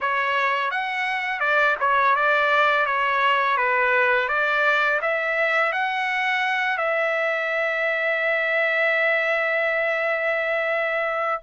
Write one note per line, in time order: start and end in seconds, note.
0.00 0.70 C#5
0.70 1.40 F#5
1.40 1.75 D5
1.80 2.15 C#5
2.15 2.86 D5
2.86 3.57 C#5
3.57 4.28 B4
4.28 5.00 D5
5.01 5.72 E5
5.72 6.77 F#5
6.77 11.41 E5